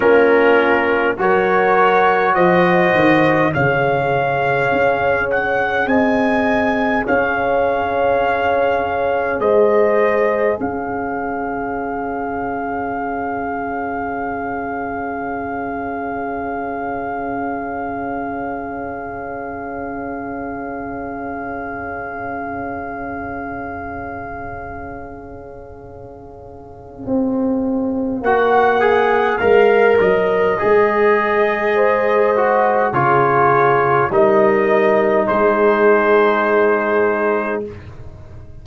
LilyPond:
<<
  \new Staff \with { instrumentName = "trumpet" } { \time 4/4 \tempo 4 = 51 ais'4 cis''4 dis''4 f''4~ | f''8 fis''8 gis''4 f''2 | dis''4 f''2.~ | f''1~ |
f''1~ | f''1 | fis''4 f''8 dis''2~ dis''8 | cis''4 dis''4 c''2 | }
  \new Staff \with { instrumentName = "horn" } { \time 4/4 f'4 ais'4 c''4 cis''4~ | cis''4 dis''4 cis''2 | c''4 cis''2.~ | cis''1~ |
cis''1~ | cis''1~ | cis''2. c''4 | gis'4 ais'4 gis'2 | }
  \new Staff \with { instrumentName = "trombone" } { \time 4/4 cis'4 fis'2 gis'4~ | gis'1~ | gis'1~ | gis'1~ |
gis'1~ | gis'1 | fis'8 gis'8 ais'4 gis'4. fis'8 | f'4 dis'2. | }
  \new Staff \with { instrumentName = "tuba" } { \time 4/4 ais4 fis4 f8 dis8 cis4 | cis'4 c'4 cis'2 | gis4 cis'2.~ | cis'1~ |
cis'1~ | cis'2. c'4 | ais4 gis8 fis8 gis2 | cis4 g4 gis2 | }
>>